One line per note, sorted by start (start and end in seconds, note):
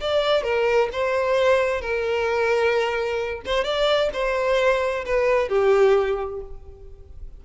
0.00 0.43 D5
0.43 0.89 A#4
0.92 1.81 C5
1.81 3.41 A#4
3.45 3.64 C5
3.64 4.10 D5
4.13 5.04 C5
5.05 5.49 B4
5.49 6.40 G4